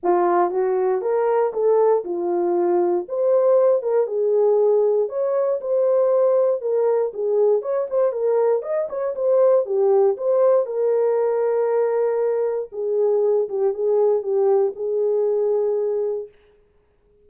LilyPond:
\new Staff \with { instrumentName = "horn" } { \time 4/4 \tempo 4 = 118 f'4 fis'4 ais'4 a'4 | f'2 c''4. ais'8 | gis'2 cis''4 c''4~ | c''4 ais'4 gis'4 cis''8 c''8 |
ais'4 dis''8 cis''8 c''4 g'4 | c''4 ais'2.~ | ais'4 gis'4. g'8 gis'4 | g'4 gis'2. | }